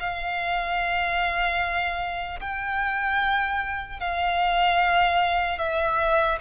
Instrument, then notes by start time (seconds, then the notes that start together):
violin
0.00 F5
2.40 G5
4.00 F5
5.59 E5